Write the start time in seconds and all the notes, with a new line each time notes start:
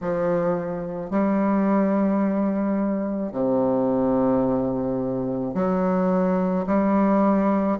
0.01 F3
1.10 G3
3.32 C3
5.54 F#3
6.66 G3